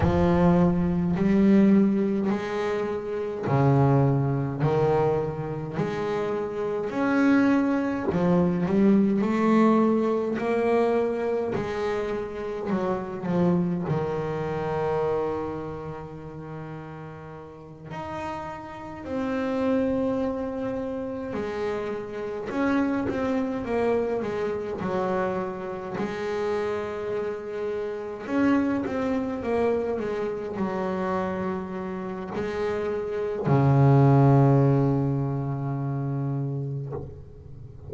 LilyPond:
\new Staff \with { instrumentName = "double bass" } { \time 4/4 \tempo 4 = 52 f4 g4 gis4 cis4 | dis4 gis4 cis'4 f8 g8 | a4 ais4 gis4 fis8 f8 | dis2.~ dis8 dis'8~ |
dis'8 c'2 gis4 cis'8 | c'8 ais8 gis8 fis4 gis4.~ | gis8 cis'8 c'8 ais8 gis8 fis4. | gis4 cis2. | }